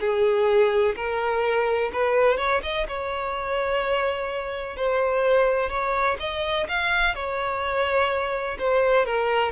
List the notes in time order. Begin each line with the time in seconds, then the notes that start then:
0.00 G#4
0.96 A#4
1.93 B4
2.37 C#5
2.63 D#5
2.88 C#5
4.77 C5
5.70 C#5
6.19 D#5
6.68 F5
7.15 C#5
8.59 C5
9.06 A#4